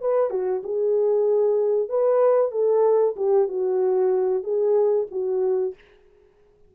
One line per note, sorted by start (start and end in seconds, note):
0.00 0.30 B4
0.30 0.62 F#4
0.63 1.89 G#4
1.89 2.51 B4
2.51 3.15 A4
3.16 3.48 G4
3.48 4.43 F#4
4.43 5.07 G#4
5.11 5.74 F#4